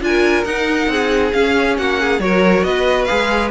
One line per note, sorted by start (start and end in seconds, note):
0.00 0.44 D4
0.00 0.44 F4
0.00 0.44 G#5
0.07 0.91 A#4
0.44 0.87 D#4
0.44 1.33 D#4
0.44 1.31 F#5
0.87 1.31 C4
0.87 1.78 G#4
1.32 2.20 C#4
1.32 1.77 C#4
1.32 1.76 F5
1.77 2.19 A#3
1.77 2.00 F#4
1.77 2.20 F#5
2.00 2.22 G#4
2.19 2.62 F#3
2.19 3.07 F#4
2.19 2.65 A#4
2.19 2.63 C#5
2.63 3.07 B3
2.63 3.51 B4
2.63 3.04 D#5
3.04 3.51 G#4
3.04 3.48 F5
3.11 3.51 G#3